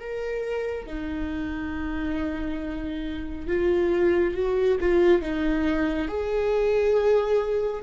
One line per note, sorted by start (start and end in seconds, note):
0.00 0.86 A#4
0.86 3.47 D#4
3.47 4.34 F4
4.34 4.78 F#4
4.80 5.21 F4
5.21 6.08 D#4
6.08 7.82 G#4